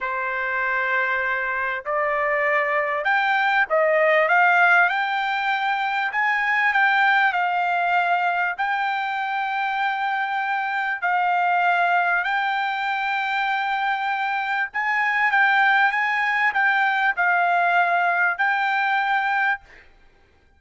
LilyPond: \new Staff \with { instrumentName = "trumpet" } { \time 4/4 \tempo 4 = 98 c''2. d''4~ | d''4 g''4 dis''4 f''4 | g''2 gis''4 g''4 | f''2 g''2~ |
g''2 f''2 | g''1 | gis''4 g''4 gis''4 g''4 | f''2 g''2 | }